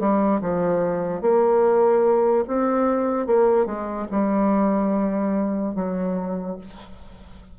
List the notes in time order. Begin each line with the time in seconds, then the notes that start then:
0.00 G3
0.41 F3
1.22 A#3
2.48 C4
3.27 A#3
3.66 G#3
4.11 G3
5.76 F#3